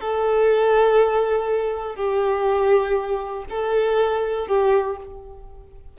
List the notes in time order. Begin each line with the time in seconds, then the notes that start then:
0.00 A4
1.96 G4
3.49 A4
4.47 G4